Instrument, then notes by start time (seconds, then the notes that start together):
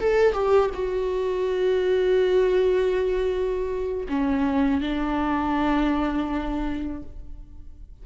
viola
0.00 A4
0.33 G4
0.74 F#4
4.08 C#4
4.81 D4